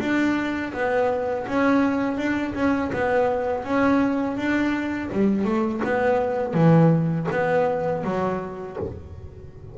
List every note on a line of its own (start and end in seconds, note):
0.00 0.73 D4
0.74 1.47 B3
1.48 2.18 C#4
2.18 2.54 D4
2.55 2.92 C#4
2.93 3.65 B3
3.65 4.37 C#4
4.37 5.11 D4
5.13 5.45 G3
5.45 5.82 A3
5.85 6.54 B3
6.54 7.27 E3
7.31 8.05 B3
8.05 8.78 F#3